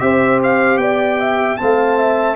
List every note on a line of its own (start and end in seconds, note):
0.00 0.78 C4
0.00 1.58 G4
0.00 0.81 C5
0.00 0.39 E5
0.43 0.78 F5
0.78 1.57 B3
0.78 1.20 D5
0.78 1.57 G5
1.20 1.59 E5
1.57 2.36 A3
1.57 2.36 C4
1.57 1.99 F5
1.57 2.36 A5
1.99 2.36 E5